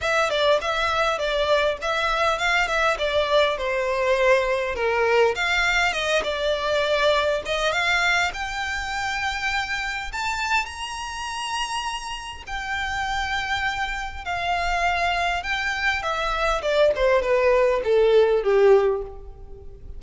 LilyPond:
\new Staff \with { instrumentName = "violin" } { \time 4/4 \tempo 4 = 101 e''8 d''8 e''4 d''4 e''4 | f''8 e''8 d''4 c''2 | ais'4 f''4 dis''8 d''4.~ | d''8 dis''8 f''4 g''2~ |
g''4 a''4 ais''2~ | ais''4 g''2. | f''2 g''4 e''4 | d''8 c''8 b'4 a'4 g'4 | }